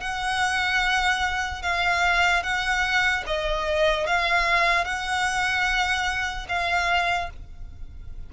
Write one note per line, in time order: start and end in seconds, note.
0.00 1.62 F#5
1.62 2.43 F5
2.43 3.24 F#5
3.26 4.07 D#5
4.07 4.84 F5
4.84 6.46 F#5
6.48 7.29 F5